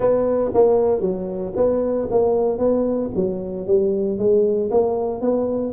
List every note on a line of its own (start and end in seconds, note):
0.00 0.51 B3
0.54 1.00 A#3
1.00 1.52 F#3
1.56 2.08 B3
2.10 2.58 A#3
2.58 3.10 B3
3.15 3.66 F#3
3.66 4.18 G3
4.18 4.70 G#3
4.70 5.21 A#3
5.21 5.72 B3